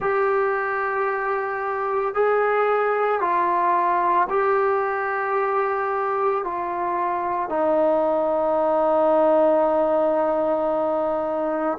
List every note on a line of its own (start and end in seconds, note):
0.00 2.14 G4
2.14 3.20 G#4
3.20 4.28 F4
4.29 6.43 G4
6.43 7.49 F4
7.49 11.78 D#4